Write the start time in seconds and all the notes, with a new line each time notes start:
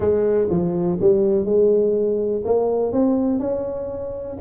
0.00 G#3
0.49 F3
1.00 G3
1.45 G#3
2.44 A#3
2.92 C4
3.39 C#4